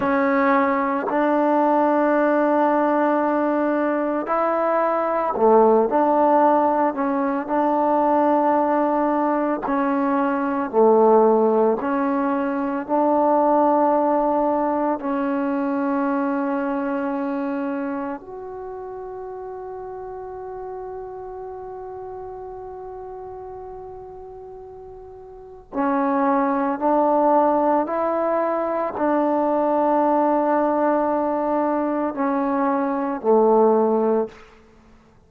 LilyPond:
\new Staff \with { instrumentName = "trombone" } { \time 4/4 \tempo 4 = 56 cis'4 d'2. | e'4 a8 d'4 cis'8 d'4~ | d'4 cis'4 a4 cis'4 | d'2 cis'2~ |
cis'4 fis'2.~ | fis'1 | cis'4 d'4 e'4 d'4~ | d'2 cis'4 a4 | }